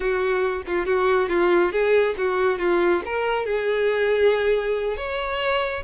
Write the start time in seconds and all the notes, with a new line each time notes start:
0.00 F#4
0.67 F4
0.86 F#4
1.29 F4
1.71 G#4
2.17 F#4
2.58 F4
3.05 A#4
3.45 G#4
4.96 C#5